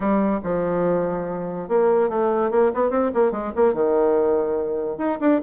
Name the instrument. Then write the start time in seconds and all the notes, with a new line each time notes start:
bassoon
0.00 G3
0.43 F3
1.68 A#3
2.09 A3
2.50 A#3
2.74 B3
2.90 C4
3.14 A#3
3.31 G#3
3.55 A#3
3.73 D#3
4.97 D#4
5.20 D4